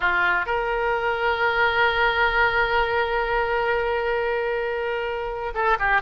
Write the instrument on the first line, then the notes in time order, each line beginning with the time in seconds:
oboe
0.00 F4
0.46 A#4
5.54 A4
5.79 G4